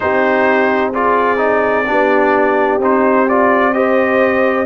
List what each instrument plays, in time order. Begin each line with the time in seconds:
0.00 tuba C4, trombone D#4, horn G4, trumpet C5
0.92 trombone F4, horn G#4, trumpet D5
1.37 trombone D#4
1.86 tuba B3, trombone D4, horn G4
2.78 tuba C4, trombone D#4, trumpet C5
3.29 trombone F4, trumpet D5
3.73 trombone G4, horn C5, trumpet D#5